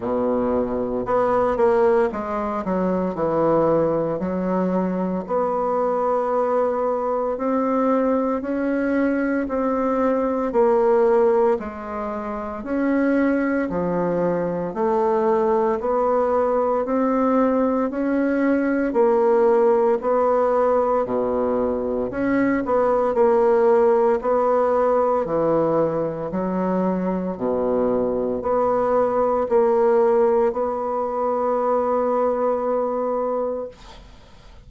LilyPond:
\new Staff \with { instrumentName = "bassoon" } { \time 4/4 \tempo 4 = 57 b,4 b8 ais8 gis8 fis8 e4 | fis4 b2 c'4 | cis'4 c'4 ais4 gis4 | cis'4 f4 a4 b4 |
c'4 cis'4 ais4 b4 | b,4 cis'8 b8 ais4 b4 | e4 fis4 b,4 b4 | ais4 b2. | }